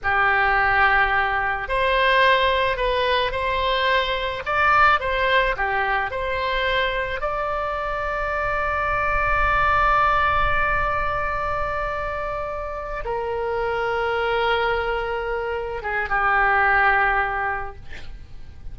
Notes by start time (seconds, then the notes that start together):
0.03 G4
1.68 C5
2.76 B4
3.31 C5
4.45 D5
5.00 C5
5.56 G4
6.11 C5
7.20 D5
13.04 A#4
15.82 G#4
16.09 G4